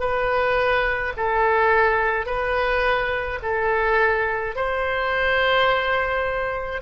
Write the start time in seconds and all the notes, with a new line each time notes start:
0.00 B4
1.17 A4
2.26 B4
3.42 A4
4.55 C5